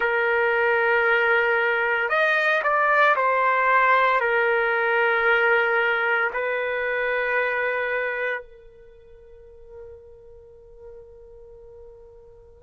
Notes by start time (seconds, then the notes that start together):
0.00 A#4
2.09 D#5
2.63 D5
3.16 C5
4.20 A#4
6.33 B4
8.42 A#4